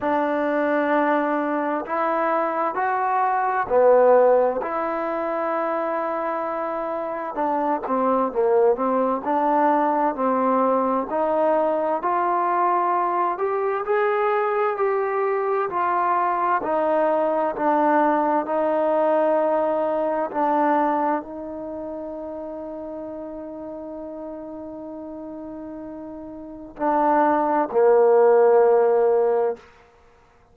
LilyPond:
\new Staff \with { instrumentName = "trombone" } { \time 4/4 \tempo 4 = 65 d'2 e'4 fis'4 | b4 e'2. | d'8 c'8 ais8 c'8 d'4 c'4 | dis'4 f'4. g'8 gis'4 |
g'4 f'4 dis'4 d'4 | dis'2 d'4 dis'4~ | dis'1~ | dis'4 d'4 ais2 | }